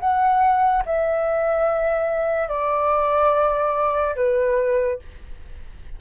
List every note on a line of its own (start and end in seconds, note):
0.00 0.83 F#5
0.86 2.48 E5
2.48 4.15 D5
4.16 4.99 B4